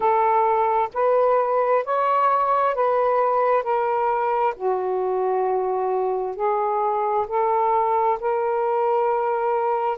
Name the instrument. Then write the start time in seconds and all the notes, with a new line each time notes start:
saxophone
0.00 A4
0.93 B4
1.84 C#5
2.74 B4
3.63 A#4
4.56 F#4
6.35 G#4
7.27 A4
8.19 A#4